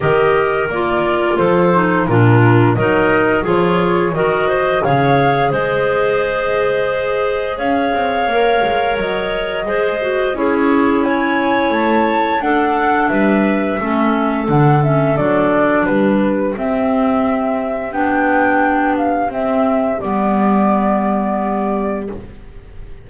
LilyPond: <<
  \new Staff \with { instrumentName = "flute" } { \time 4/4 \tempo 4 = 87 dis''4 d''4 c''4 ais'4 | dis''4 cis''4 dis''4 f''4 | dis''2. f''4~ | f''4 dis''2 cis''4 |
gis''4 a''4 fis''4 e''4~ | e''4 fis''8 e''8 d''4 b'4 | e''2 g''4. f''8 | e''4 d''2. | }
  \new Staff \with { instrumentName = "clarinet" } { \time 4/4 ais'2 a'4 f'4 | ais'4 gis'4 ais'8 c''8 cis''4 | c''2. cis''4~ | cis''2 c''4 gis'4 |
cis''2 a'4 b'4 | a'2. g'4~ | g'1~ | g'1 | }
  \new Staff \with { instrumentName = "clarinet" } { \time 4/4 g'4 f'4. dis'8 d'4 | dis'4 f'4 fis'4 gis'4~ | gis'1 | ais'2 gis'8 fis'8 e'4~ |
e'2 d'2 | cis'4 d'8 cis'8 d'2 | c'2 d'2 | c'4 b2. | }
  \new Staff \with { instrumentName = "double bass" } { \time 4/4 dis4 ais4 f4 ais,4 | fis4 f4 dis4 cis4 | gis2. cis'8 c'8 | ais8 gis8 fis4 gis4 cis'4~ |
cis'4 a4 d'4 g4 | a4 d4 fis4 g4 | c'2 b2 | c'4 g2. | }
>>